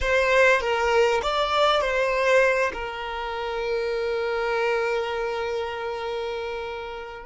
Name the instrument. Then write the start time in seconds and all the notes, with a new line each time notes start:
violin
0.00 C5
0.60 A#4
1.22 D5
1.81 C5
2.73 A#4